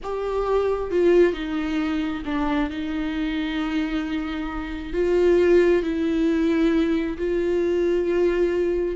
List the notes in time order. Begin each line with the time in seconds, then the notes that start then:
0.03 G4
0.90 F4
1.33 D#4
2.25 D4
2.69 D#4
4.93 F4
5.82 E4
7.17 F4